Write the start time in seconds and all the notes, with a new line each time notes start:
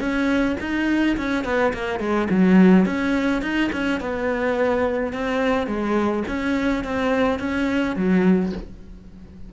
0.00 C#4
0.60 D#4
1.18 C#4
1.45 B3
1.74 A#3
2.00 G#3
2.30 F#3
2.86 C#4
3.42 D#4
3.73 C#4
4.01 B3
5.13 C4
5.67 G#3
6.28 C#4
6.84 C4
7.39 C#4
7.96 F#3